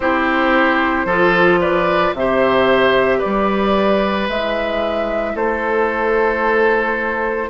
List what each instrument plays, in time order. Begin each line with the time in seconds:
0.00 bassoon C4, clarinet E4, oboe G4, flute C5
1.05 bassoon F3, clarinet F4, oboe A4
1.60 oboe B4, flute D5
2.13 bassoon C3, clarinet G4, flute E5
2.19 oboe C5
3.18 oboe B4, flute D5
3.25 bassoon G3
4.28 bassoon G#3, clarinet E4, flute E5
5.35 bassoon A3, oboe A4, flute C5